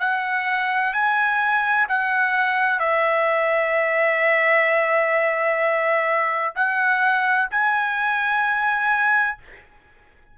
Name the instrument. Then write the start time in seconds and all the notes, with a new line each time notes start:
trumpet
0.00 F#5
0.93 G#5
1.89 F#5
2.80 E5
6.55 F#5
7.50 G#5